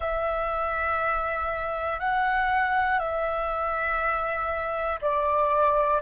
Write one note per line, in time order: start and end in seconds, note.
0.00 1.99 E5
1.99 2.99 F#5
2.99 4.99 E5
5.01 6.01 D5